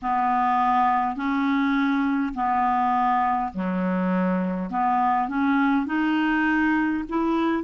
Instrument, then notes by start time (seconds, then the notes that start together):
clarinet
0.02 B3
1.16 C#4
2.34 B3
3.53 F#3
4.70 B3
5.28 C#4
5.86 D#4
7.09 E4